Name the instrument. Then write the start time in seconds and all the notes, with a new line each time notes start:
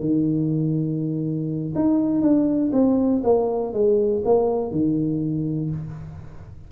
tuba
0.00 D#3
1.75 D#4
2.22 D4
2.72 C4
3.23 A#3
3.73 G#3
4.25 A#3
4.71 D#3